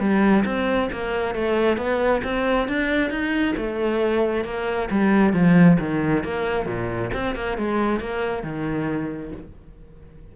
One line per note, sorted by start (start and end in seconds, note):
0.00 0.44 G3
0.46 0.90 C4
0.93 1.36 A#3
1.36 1.78 A3
1.78 2.22 B3
2.24 2.68 C4
2.68 3.11 D4
3.11 3.55 D#4
3.57 4.45 A3
4.45 4.89 A#3
4.91 5.34 G3
5.34 5.78 F3
5.80 6.24 D#3
6.24 6.67 A#3
6.67 7.11 A#2
7.14 7.36 C4
7.36 7.58 A#3
7.58 8.00 G#3
8.00 8.44 A#3
8.44 9.33 D#3